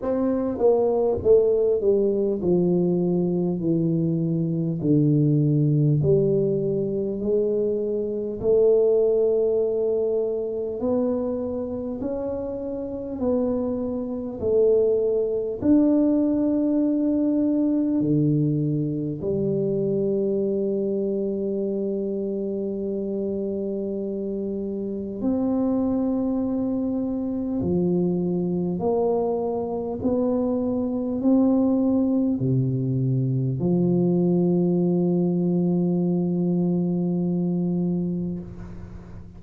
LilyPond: \new Staff \with { instrumentName = "tuba" } { \time 4/4 \tempo 4 = 50 c'8 ais8 a8 g8 f4 e4 | d4 g4 gis4 a4~ | a4 b4 cis'4 b4 | a4 d'2 d4 |
g1~ | g4 c'2 f4 | ais4 b4 c'4 c4 | f1 | }